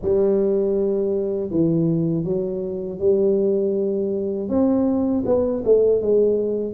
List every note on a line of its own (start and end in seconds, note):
0.02 1.50 G3
1.50 2.24 E3
2.24 2.99 F#3
2.99 4.48 G3
4.48 5.23 C4
5.25 5.63 B3
5.64 6.01 A3
6.01 6.73 G#3